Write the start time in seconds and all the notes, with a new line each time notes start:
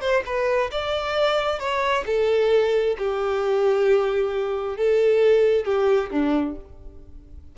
0.00 C5
0.25 B4
0.71 D5
1.59 C#5
2.06 A4
2.98 G4
4.77 A4
5.65 G4
6.10 D4